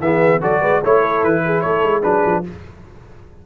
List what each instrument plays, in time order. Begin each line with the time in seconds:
0.00 tuba E3, trombone B3, horn G#4, trumpet E5
0.40 tuba F#3, trombone F#4, horn A4, trumpet D5
0.60 tuba G#3, horn B4
0.83 tuba A3, trombone E4, horn C#5, trumpet C#5
1.01 horn A4
1.23 tuba E3, trumpet B4
1.45 horn G#4
1.61 tuba A3, horn A4, trumpet C#5
1.83 tuba G#3
2.02 tuba F#3, trombone D4, horn G#4, trumpet B4
2.26 tuba F3